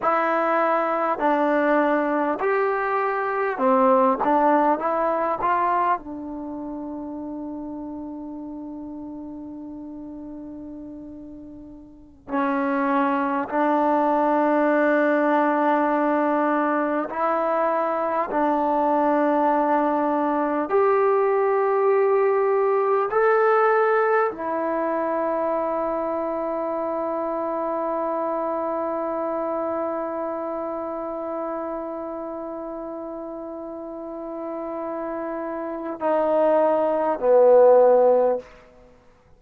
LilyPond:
\new Staff \with { instrumentName = "trombone" } { \time 4/4 \tempo 4 = 50 e'4 d'4 g'4 c'8 d'8 | e'8 f'8 d'2.~ | d'2~ d'16 cis'4 d'8.~ | d'2~ d'16 e'4 d'8.~ |
d'4~ d'16 g'2 a'8.~ | a'16 e'2.~ e'8.~ | e'1~ | e'2 dis'4 b4 | }